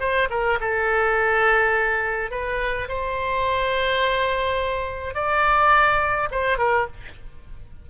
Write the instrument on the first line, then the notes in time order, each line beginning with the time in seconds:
oboe
0.00 C5
0.30 A#4
0.61 A4
2.31 B4
2.89 C5
5.15 D5
6.31 C5
6.58 A#4